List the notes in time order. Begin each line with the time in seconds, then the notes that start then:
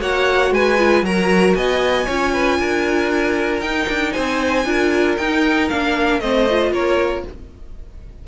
0.00 A#3 F#4 C#5 F#5
0.51 G#3 B4 G#5
0.78 F4
1.02 F#3 F#4 A#4 A#5
1.55 B3 D#5 G#5
2.06 C#4 F4 C#5
2.33 B4
2.59 D4 A#4
3.61 D#4 G5
3.89 D4
4.12 C4 C5 G#5
4.65 D4 F4 A#4
5.17 D#4 G5
5.69 A#3 D4 F5
6.20 A3 C4 C5 D#5
6.50 F4
6.71 A#3 A#4 C#5